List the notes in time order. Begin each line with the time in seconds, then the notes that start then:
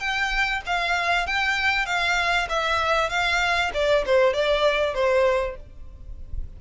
0.00 G5
0.67 F5
1.27 G5
1.86 F5
2.49 E5
3.10 F5
3.74 D5
4.06 C5
4.34 D5
4.95 C5